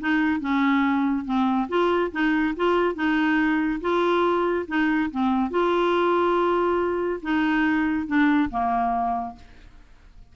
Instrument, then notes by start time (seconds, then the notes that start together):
clarinet
0.00 D#4
0.40 C#4
1.25 C4
1.69 F4
2.12 D#4
2.56 F4
2.95 D#4
3.81 F4
4.68 D#4
5.11 C4
5.50 F4
7.22 D#4
8.07 D4
8.50 A#3